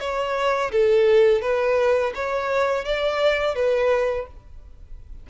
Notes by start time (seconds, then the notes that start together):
0.00 C#5
0.72 A4
1.42 B4
2.15 C#5
2.85 D5
3.55 B4